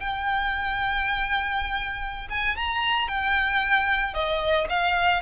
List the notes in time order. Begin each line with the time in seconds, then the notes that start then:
0.00 G5
2.30 G#5
2.56 A#5
3.08 G5
4.14 D#5
4.69 F5